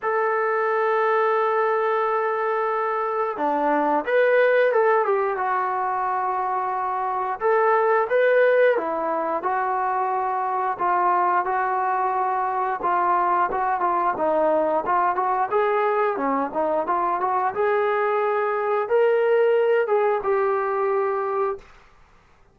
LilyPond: \new Staff \with { instrumentName = "trombone" } { \time 4/4 \tempo 4 = 89 a'1~ | a'4 d'4 b'4 a'8 g'8 | fis'2. a'4 | b'4 e'4 fis'2 |
f'4 fis'2 f'4 | fis'8 f'8 dis'4 f'8 fis'8 gis'4 | cis'8 dis'8 f'8 fis'8 gis'2 | ais'4. gis'8 g'2 | }